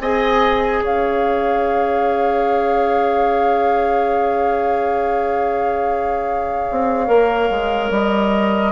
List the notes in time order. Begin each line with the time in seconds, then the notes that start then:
0.00 C4 G#4 D#5 G#5
0.82 C#4 C#5 F5
6.71 C4
7.07 A#3 A#4
7.50 G#3
7.91 G3 D#5